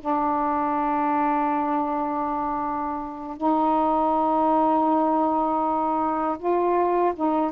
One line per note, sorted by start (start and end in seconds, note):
0.00 3.37 D4
3.37 6.37 D#4
6.39 7.14 F4
7.16 7.51 D#4